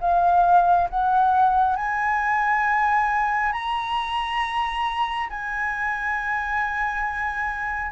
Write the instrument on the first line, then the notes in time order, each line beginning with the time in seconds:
flute
0.00 F5
0.89 F#5
1.76 G#5
3.52 A#5
5.29 G#5